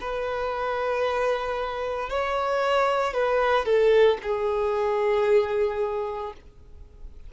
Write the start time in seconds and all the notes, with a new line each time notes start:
0.00 B4
2.10 C#5
3.13 B4
3.65 A4
4.22 G#4